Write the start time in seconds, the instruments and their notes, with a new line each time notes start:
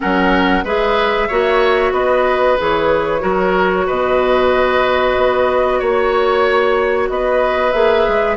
0.00 bassoon F#3, clarinet C#4, oboe A#4, flute F#5
0.63 bassoon G#3, clarinet G#4, oboe B4, flute E5
1.28 bassoon A#3, clarinet F#4, oboe C#5
1.91 bassoon B3, oboe B4, flute D#5
2.57 bassoon E3, clarinet G#4, flute C#5
3.19 bassoon F#3, clarinet F#4, oboe A#4
3.86 bassoon B2, oboe B4, flute D#5
5.16 bassoon B3
5.79 bassoon A#3, oboe C#5, flute C#5
7.09 bassoon B3, oboe B4, flute D#5
7.71 bassoon A#3, clarinet G#4, flute E5
8.08 bassoon G#3